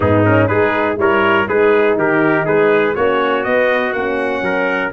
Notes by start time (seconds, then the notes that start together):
0.00 G#2 B3 D#4 G#4
0.24 C#4 A#4
0.47 G#3 D#4 G#4 B4
0.96 G3 E4 A#4 C#5
1.47 G#3 D#4 G#4 B4
1.96 D#3 G4 A#4
2.45 G#3 G#4 B4
2.95 A#3 C#4 F#4 C#5
3.43 B3 D#5
3.92 A#3 C#4 F#5
4.41 F#3 A#4